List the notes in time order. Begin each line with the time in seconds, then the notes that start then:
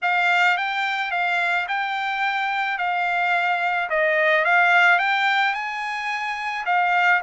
0.02 F5
0.57 G5
1.11 F5
1.68 G5
2.78 F5
3.89 D#5
4.44 F5
4.98 G5
5.54 G#5
6.65 F5